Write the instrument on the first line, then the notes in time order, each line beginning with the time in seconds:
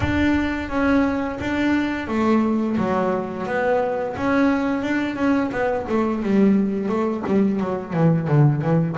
double bass
0.00 D4
0.69 C#4
1.40 D4
2.07 A3
2.77 F#3
3.46 B3
4.16 C#4
4.82 D4
5.15 C#4
5.51 B3
5.88 A3
6.22 G3
6.88 A3
7.26 G3
7.60 F#3
7.93 E3
8.27 D3
8.61 E3